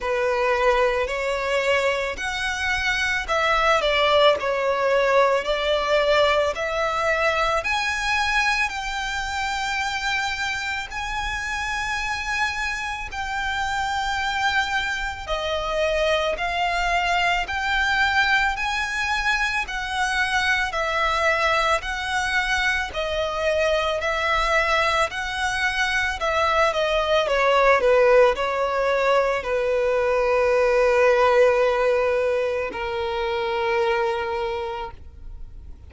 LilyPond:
\new Staff \with { instrumentName = "violin" } { \time 4/4 \tempo 4 = 55 b'4 cis''4 fis''4 e''8 d''8 | cis''4 d''4 e''4 gis''4 | g''2 gis''2 | g''2 dis''4 f''4 |
g''4 gis''4 fis''4 e''4 | fis''4 dis''4 e''4 fis''4 | e''8 dis''8 cis''8 b'8 cis''4 b'4~ | b'2 ais'2 | }